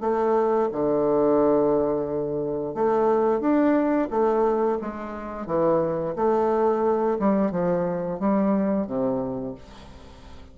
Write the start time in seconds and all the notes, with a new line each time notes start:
0.00 A3
0.72 D3
2.74 A3
3.40 D4
4.10 A3
4.81 G#3
5.46 E3
6.15 A3
7.19 G3
7.51 F3
8.19 G3
8.86 C3